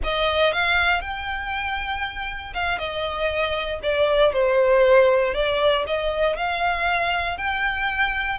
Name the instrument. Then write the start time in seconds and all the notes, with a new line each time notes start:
violin
0.03 D#5
0.52 F5
1.01 G5
2.54 F5
2.78 D#5
3.82 D5
4.32 C5
5.33 D5
5.86 D#5
6.36 F5
7.37 G5